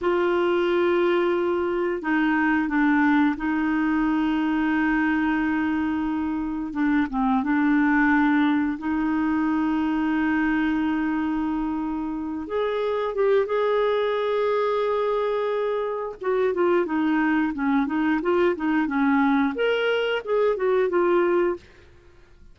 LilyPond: \new Staff \with { instrumentName = "clarinet" } { \time 4/4 \tempo 4 = 89 f'2. dis'4 | d'4 dis'2.~ | dis'2 d'8 c'8 d'4~ | d'4 dis'2.~ |
dis'2~ dis'8 gis'4 g'8 | gis'1 | fis'8 f'8 dis'4 cis'8 dis'8 f'8 dis'8 | cis'4 ais'4 gis'8 fis'8 f'4 | }